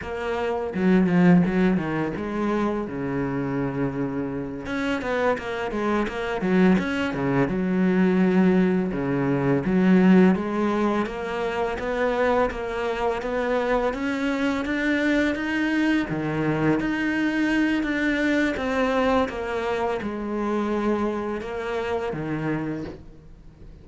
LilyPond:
\new Staff \with { instrumentName = "cello" } { \time 4/4 \tempo 4 = 84 ais4 fis8 f8 fis8 dis8 gis4 | cis2~ cis8 cis'8 b8 ais8 | gis8 ais8 fis8 cis'8 cis8 fis4.~ | fis8 cis4 fis4 gis4 ais8~ |
ais8 b4 ais4 b4 cis'8~ | cis'8 d'4 dis'4 dis4 dis'8~ | dis'4 d'4 c'4 ais4 | gis2 ais4 dis4 | }